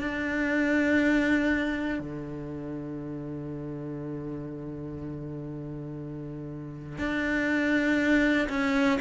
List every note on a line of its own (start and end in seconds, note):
0.00 2.00 D4
2.00 6.98 D3
6.98 8.48 D4
8.50 9.00 C#4